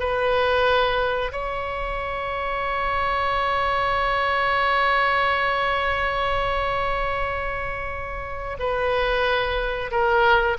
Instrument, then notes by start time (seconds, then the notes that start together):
oboe
0.00 B4
1.32 C#5
8.59 B4
9.91 A#4